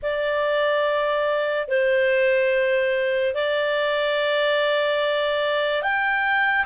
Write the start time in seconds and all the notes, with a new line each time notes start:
0.02 D5
1.68 C5
3.34 D5
5.82 G5